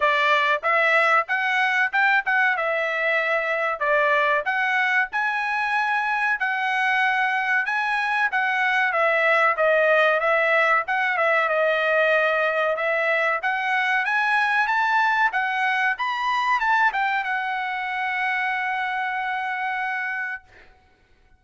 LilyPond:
\new Staff \with { instrumentName = "trumpet" } { \time 4/4 \tempo 4 = 94 d''4 e''4 fis''4 g''8 fis''8 | e''2 d''4 fis''4 | gis''2 fis''2 | gis''4 fis''4 e''4 dis''4 |
e''4 fis''8 e''8 dis''2 | e''4 fis''4 gis''4 a''4 | fis''4 b''4 a''8 g''8 fis''4~ | fis''1 | }